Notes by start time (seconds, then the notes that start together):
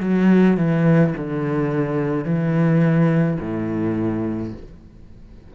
0.00 F#3
0.57 E3
1.17 D3
2.24 E3
3.40 A2